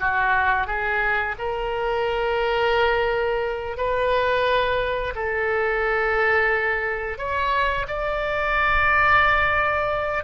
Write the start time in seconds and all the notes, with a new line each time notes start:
0.00 F#4
0.67 G#4
1.39 A#4
3.77 B4
5.15 A4
7.18 C#5
7.87 D5